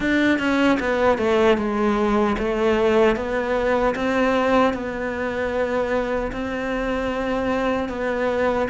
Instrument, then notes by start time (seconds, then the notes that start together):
cello
0.00 D4
0.38 C#4
0.79 B3
1.18 A3
1.57 G#3
2.38 A3
3.16 B3
3.95 C4
4.73 B3
6.32 C4
7.88 B3